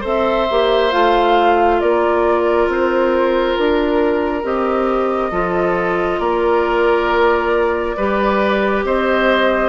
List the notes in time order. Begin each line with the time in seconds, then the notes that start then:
0.00 C4 A4 C5 E5
0.50 A#3 G4
0.91 A3 F4 F5
1.80 A#3 A#4 D5
2.67 C4 C5
3.58 D4 A#4
4.43 C4 G4 D#5
5.31 F3 F4 A4
6.19 A#3 A#4 D5
7.97 G3 G4 B4
8.84 C4 C5 D#5